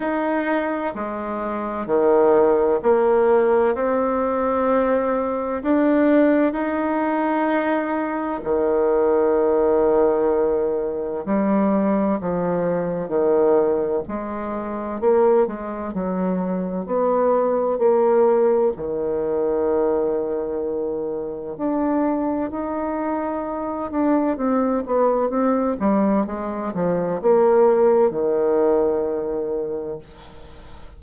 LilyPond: \new Staff \with { instrumentName = "bassoon" } { \time 4/4 \tempo 4 = 64 dis'4 gis4 dis4 ais4 | c'2 d'4 dis'4~ | dis'4 dis2. | g4 f4 dis4 gis4 |
ais8 gis8 fis4 b4 ais4 | dis2. d'4 | dis'4. d'8 c'8 b8 c'8 g8 | gis8 f8 ais4 dis2 | }